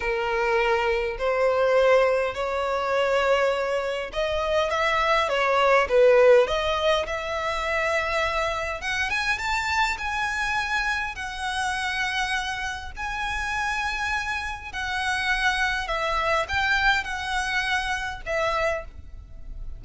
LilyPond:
\new Staff \with { instrumentName = "violin" } { \time 4/4 \tempo 4 = 102 ais'2 c''2 | cis''2. dis''4 | e''4 cis''4 b'4 dis''4 | e''2. fis''8 gis''8 |
a''4 gis''2 fis''4~ | fis''2 gis''2~ | gis''4 fis''2 e''4 | g''4 fis''2 e''4 | }